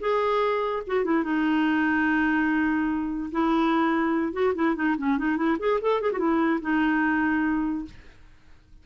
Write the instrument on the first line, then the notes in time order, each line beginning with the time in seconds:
clarinet
0.00 G#4
0.87 F#4
1.04 E4
1.24 D#4
3.31 E4
4.33 F#4
4.55 E4
4.75 D#4
4.98 C#4
5.18 D#4
5.37 E4
5.59 G#4
5.81 A4
6.01 G#4
6.12 F#4
6.19 E4
6.61 D#4